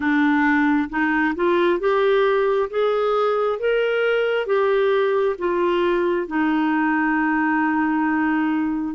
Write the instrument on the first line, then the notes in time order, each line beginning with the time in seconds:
clarinet
0.00 D4
0.89 D#4
1.35 F4
1.79 G4
2.69 G#4
3.59 A#4
4.46 G4
5.38 F4
6.27 D#4